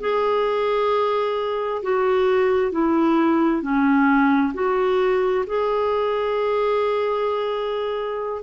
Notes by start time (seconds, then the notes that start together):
0.00 G#4
1.83 F#4
2.71 E4
3.62 C#4
4.54 F#4
5.47 G#4